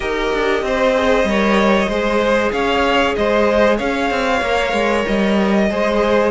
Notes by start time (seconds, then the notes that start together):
0.00 D#4 G4 A#4 D#5
0.33 D4
0.62 C4 C5
0.94 G#4
1.23 G3 A#4 C#5
1.88 G#3 G#4 C5
2.52 C#4 C#5 F5
3.15 G#3 C5 D#5
3.77 C#4 C#5 F5
4.10 C4
4.41 A#3 A#4
4.72 G#3
5.06 G3 D#5
5.69 G#3 G#4 C5